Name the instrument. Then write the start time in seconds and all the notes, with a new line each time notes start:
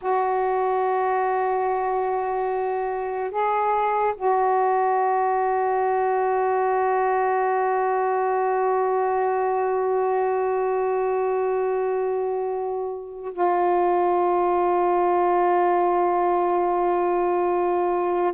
saxophone
0.01 F#4
3.31 G#4
4.16 F#4
13.33 F4